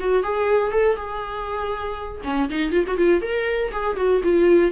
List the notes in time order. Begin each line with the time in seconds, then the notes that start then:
0.00 F#4
0.23 G#4
0.72 A4
0.96 G#4
2.24 C#4
2.50 D#4
2.72 F4
2.87 F#4
2.97 F4
3.22 A#4
3.72 G#4
3.97 F#4
4.24 F4